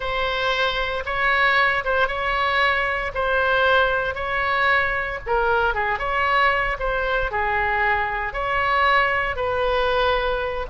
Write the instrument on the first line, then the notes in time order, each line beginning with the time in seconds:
oboe
0.00 C5
1.05 C#5
1.84 C5
2.07 C#5
3.14 C5
4.14 C#5
5.26 A#4
5.74 G#4
5.98 C#5
6.79 C5
7.31 G#4
8.33 C#5
9.36 B4